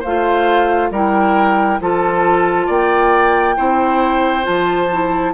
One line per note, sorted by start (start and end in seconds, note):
0.00 0.91 A3
0.00 0.88 C5
0.00 0.91 F5
0.07 0.94 F4
0.91 1.79 G3
0.91 1.81 E4
0.91 1.80 A#4
0.91 1.81 G5
1.80 2.69 F3
1.80 3.57 F4
1.80 2.67 A4
1.80 2.70 A5
2.67 3.57 A#3
2.67 3.55 D5
2.67 4.45 G5
3.57 4.46 C4
3.57 4.43 E4
3.57 5.33 C5
4.43 5.34 F3
4.43 4.87 F4
4.43 5.34 A5
4.93 5.34 E4